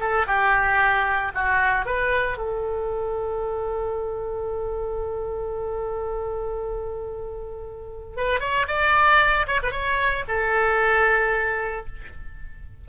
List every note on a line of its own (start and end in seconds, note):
0.00 0.26 A4
0.27 1.32 G4
1.34 1.86 F#4
1.86 2.38 B4
2.38 8.17 A4
8.17 8.40 B4
8.40 8.66 C#5
8.68 9.47 D5
9.47 9.61 C#5
9.63 9.71 B4
9.71 10.24 C#5
10.28 11.86 A4